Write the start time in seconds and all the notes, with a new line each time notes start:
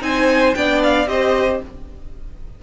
0.00 C4 D#4 C5 G#5
0.55 B3 D4 D5 G5
0.84 F5
1.07 C4 G4 C5 D#5